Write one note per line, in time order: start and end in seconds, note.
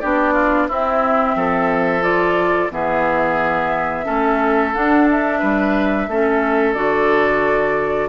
0.00 0.70 B3
0.00 0.70 D4
0.00 0.34 G4
0.00 0.67 D5
0.34 0.67 F4
0.68 1.36 C4
0.68 2.02 C4
0.68 1.36 E4
0.68 2.03 E5
1.36 2.70 F3
1.36 2.72 A4
2.02 2.70 F4
2.02 2.71 D5
2.71 4.06 E3
2.71 4.05 B3
2.71 4.05 G#4
2.71 4.74 E5
4.05 4.75 A3
4.05 4.72 C#4
4.05 5.39 A4
4.74 6.09 D4
4.74 5.43 D4
4.74 5.08 F#5
5.11 6.74 E5
5.39 6.08 G3
5.39 6.07 B4
6.08 6.75 A3
6.08 6.75 C#4
6.08 8.09 A4
6.74 8.09 D3
6.74 8.09 F#4
6.74 8.09 D5